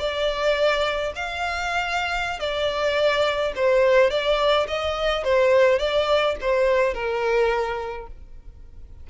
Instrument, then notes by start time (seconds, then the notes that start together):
violin
0.00 D5
1.16 F5
2.40 D5
3.56 C5
4.11 D5
4.68 D#5
5.24 C5
5.79 D5
6.41 C5
6.94 A#4